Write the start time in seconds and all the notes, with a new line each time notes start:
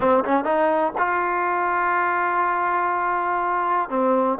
0.00 C4
0.24 C#4
0.44 D#4
0.98 F4
3.89 C4